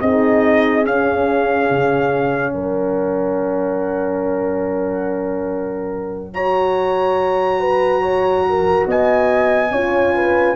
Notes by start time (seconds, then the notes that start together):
0.00 C4 D#4 G#4 D#5
0.84 C#4 F5
1.70 C#3
2.53 F#3 A#4 F#5
6.34 F#4 C#5 A#5
7.60 B4
8.02 C#5
8.49 A#4
8.87 B3 D#5 G#5
9.71 C#4 F4 C#5
10.15 B4